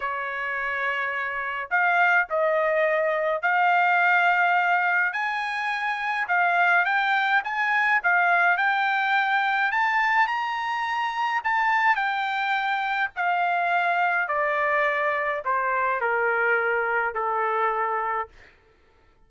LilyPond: \new Staff \with { instrumentName = "trumpet" } { \time 4/4 \tempo 4 = 105 cis''2. f''4 | dis''2 f''2~ | f''4 gis''2 f''4 | g''4 gis''4 f''4 g''4~ |
g''4 a''4 ais''2 | a''4 g''2 f''4~ | f''4 d''2 c''4 | ais'2 a'2 | }